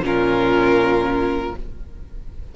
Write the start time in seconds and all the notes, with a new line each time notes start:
0.00 A#2 C#4 F4 A#4